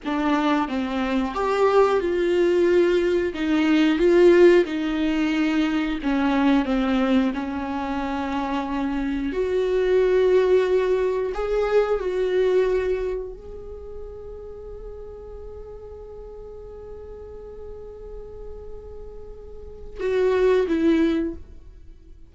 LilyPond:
\new Staff \with { instrumentName = "viola" } { \time 4/4 \tempo 4 = 90 d'4 c'4 g'4 f'4~ | f'4 dis'4 f'4 dis'4~ | dis'4 cis'4 c'4 cis'4~ | cis'2 fis'2~ |
fis'4 gis'4 fis'2 | gis'1~ | gis'1~ | gis'2 fis'4 e'4 | }